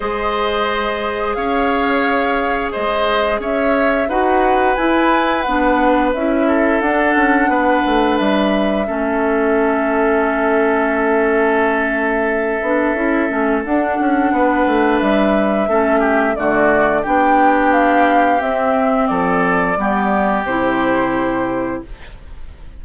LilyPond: <<
  \new Staff \with { instrumentName = "flute" } { \time 4/4 \tempo 4 = 88 dis''2 f''2 | dis''4 e''4 fis''4 gis''4 | fis''4 e''4 fis''2 | e''1~ |
e''1 | fis''2 e''2 | d''4 g''4 f''4 e''4 | d''2 c''2 | }
  \new Staff \with { instrumentName = "oboe" } { \time 4/4 c''2 cis''2 | c''4 cis''4 b'2~ | b'4. a'4. b'4~ | b'4 a'2.~ |
a'1~ | a'4 b'2 a'8 g'8 | fis'4 g'2. | a'4 g'2. | }
  \new Staff \with { instrumentName = "clarinet" } { \time 4/4 gis'1~ | gis'2 fis'4 e'4 | d'4 e'4 d'2~ | d'4 cis'2.~ |
cis'2~ cis'8 d'8 e'8 cis'8 | d'2. cis'4 | a4 d'2 c'4~ | c'4 b4 e'2 | }
  \new Staff \with { instrumentName = "bassoon" } { \time 4/4 gis2 cis'2 | gis4 cis'4 dis'4 e'4 | b4 cis'4 d'8 cis'8 b8 a8 | g4 a2.~ |
a2~ a8 b8 cis'8 a8 | d'8 cis'8 b8 a8 g4 a4 | d4 b2 c'4 | f4 g4 c2 | }
>>